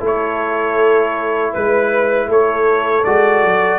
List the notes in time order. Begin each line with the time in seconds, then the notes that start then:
0.00 A3 E4 A4
0.06 C#5
1.53 G#3 B4
2.28 A3 A4 C#5
3.04 G#3 F#4 D5
3.44 F#3